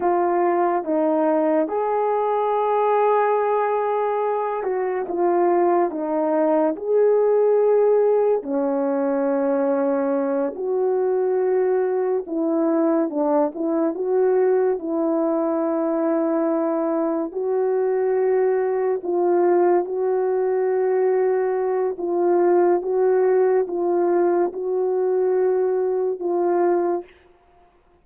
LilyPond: \new Staff \with { instrumentName = "horn" } { \time 4/4 \tempo 4 = 71 f'4 dis'4 gis'2~ | gis'4. fis'8 f'4 dis'4 | gis'2 cis'2~ | cis'8 fis'2 e'4 d'8 |
e'8 fis'4 e'2~ e'8~ | e'8 fis'2 f'4 fis'8~ | fis'2 f'4 fis'4 | f'4 fis'2 f'4 | }